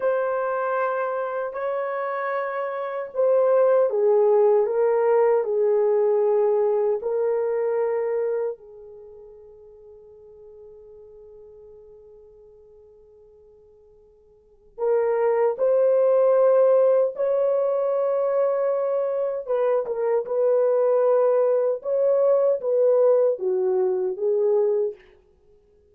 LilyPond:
\new Staff \with { instrumentName = "horn" } { \time 4/4 \tempo 4 = 77 c''2 cis''2 | c''4 gis'4 ais'4 gis'4~ | gis'4 ais'2 gis'4~ | gis'1~ |
gis'2. ais'4 | c''2 cis''2~ | cis''4 b'8 ais'8 b'2 | cis''4 b'4 fis'4 gis'4 | }